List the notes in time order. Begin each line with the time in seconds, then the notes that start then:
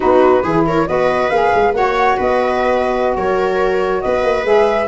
0.00 B3 D#4 F#4 B4
0.43 E3 E4 G#4
0.66 A#4 C#5
0.86 B3 F#4 B4 D#5
1.30 A#3 G#4 F5
1.54 G#3
1.73 A#3 F#4 C#5 F#5
2.17 B3 B4 D#5
3.15 F#3 A#4 C#5
4.01 B3 B4 D#5
4.23 A#3
4.43 G#3 G#4 E5